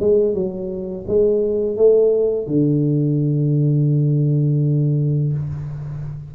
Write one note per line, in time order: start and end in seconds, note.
0.00 0.34 G#3
0.34 1.06 F#3
1.07 1.77 G#3
1.77 2.47 A3
2.47 5.33 D3